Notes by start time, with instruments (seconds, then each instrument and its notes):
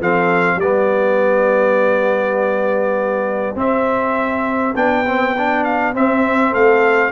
0.00 tuba F3, trombone C4, horn A4, trumpet F5
0.55 tuba G3, horn G4, trumpet D5
0.62 trombone B3
3.55 tuba C4, trombone C4, trumpet E5
4.75 tuba B3, trombone D4, trumpet G5
5.05 trombone C4
5.37 trombone D4
5.64 trumpet F5
5.94 trombone C4, tuba C4, trumpet E5
6.51 tuba A3, horn A4, trumpet F5